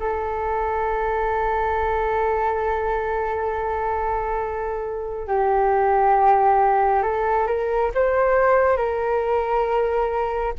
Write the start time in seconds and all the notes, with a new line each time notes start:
0.00 A4
5.27 G4
7.03 A4
7.47 A#4
7.95 C5
8.77 A#4